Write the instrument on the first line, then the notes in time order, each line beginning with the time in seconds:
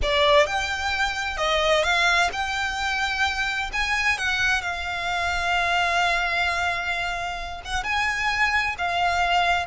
violin
0.02 D5
0.46 G5
1.37 D#5
1.83 F5
2.32 G5
3.72 G#5
4.18 F#5
4.61 F5
7.64 F#5
7.83 G#5
8.78 F5